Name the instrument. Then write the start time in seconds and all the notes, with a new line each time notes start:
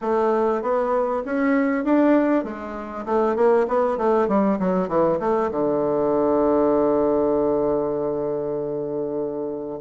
bassoon
0.01 A3
0.62 B3
1.25 C#4
1.84 D4
2.44 G#3
3.05 A3
3.35 A#3
3.67 B3
3.97 A3
4.28 G3
4.59 F#3
4.88 E3
5.19 A3
5.51 D3